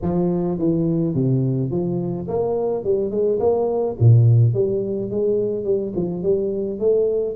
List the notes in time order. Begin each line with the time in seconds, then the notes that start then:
0.02 F3
0.58 E3
1.14 C3
1.70 F3
2.28 A#3
2.84 G3
3.10 G#3
3.39 A#3
3.99 A#2
4.53 G3
5.10 G#3
5.64 G3
5.95 F3
6.22 G3
6.79 A3